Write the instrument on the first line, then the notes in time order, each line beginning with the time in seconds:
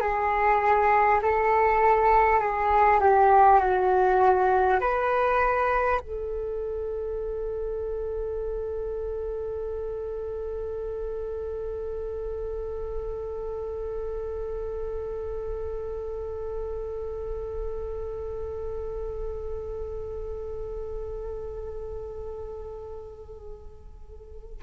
flute
0.00 G#4
1.22 A4
2.39 G#4
3.00 G4
3.59 F#4
4.80 B4
6.01 A4